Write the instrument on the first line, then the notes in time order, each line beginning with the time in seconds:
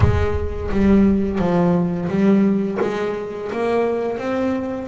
double bass
0.00 G#3
0.71 G3
1.38 F3
2.08 G3
2.81 G#3
3.51 A#3
4.18 C4